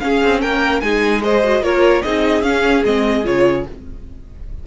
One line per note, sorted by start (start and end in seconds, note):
0.00 0.82 C#4
0.00 0.24 C#4
0.00 0.42 G#4
0.00 0.41 F5
0.24 0.43 C4
0.42 0.82 A#3
0.42 0.83 A#4
0.42 0.81 G5
0.81 1.61 G#3
0.81 1.22 D#4
0.81 1.24 G#4
0.81 1.21 G#5
1.22 1.42 G#4
1.22 1.63 C5
1.22 1.63 D#5
1.44 1.63 F#4
1.61 2.02 A#3
1.61 2.04 F4
1.61 2.04 A#4
1.61 2.02 C#5
2.02 2.43 C4
2.02 2.43 D#4
2.02 3.67 G#4
2.02 2.43 D#5
2.43 2.83 C#4
2.43 2.84 C#4
2.43 2.83 F5
2.85 3.26 G#3
2.85 3.24 C4
2.85 3.26 D#5
3.24 3.67 C#3
3.24 3.65 F4
3.24 3.67 C#5